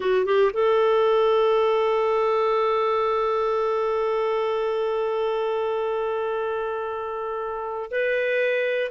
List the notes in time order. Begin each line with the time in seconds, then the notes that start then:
0.00 F#4
0.25 G4
0.53 A4
7.90 B4